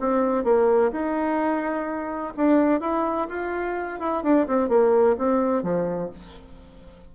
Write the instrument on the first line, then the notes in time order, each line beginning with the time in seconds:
bassoon
0.00 C4
0.44 A#3
0.91 D#4
2.37 D4
2.80 E4
3.29 F4
4.00 E4
4.23 D4
4.47 C4
4.69 A#3
5.18 C4
5.63 F3